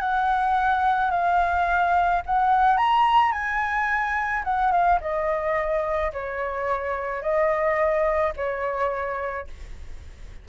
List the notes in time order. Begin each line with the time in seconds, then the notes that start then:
0.00 F#5
1.11 F5
2.26 F#5
2.77 A#5
3.32 G#5
4.44 F#5
4.71 F5
5.01 D#5
6.12 C#5
7.22 D#5
8.36 C#5